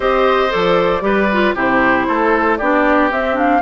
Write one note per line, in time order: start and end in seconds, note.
0.00 0.50 C4
0.00 0.49 G4
0.00 1.02 C5
0.00 0.51 D#5
0.49 1.01 F3
0.49 1.01 A4
0.49 1.55 D5
1.01 1.52 G3
1.01 1.27 G4
1.01 1.54 B4
1.32 1.55 F4
1.54 2.07 C3
1.54 2.59 E4
1.54 2.06 G4
1.54 2.57 C5
2.08 2.60 A3
2.08 2.58 A4
2.57 3.11 B3
2.57 3.10 D4
2.57 3.61 G4
2.57 3.09 D5
3.10 3.34 C4
3.10 3.61 C4
3.10 3.37 E5
3.34 3.60 D4
3.34 3.61 F5